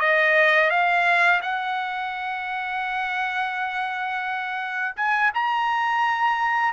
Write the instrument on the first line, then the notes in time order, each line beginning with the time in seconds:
trumpet
0.00 D#5
0.70 F5
1.42 F#5
4.96 G#5
5.34 A#5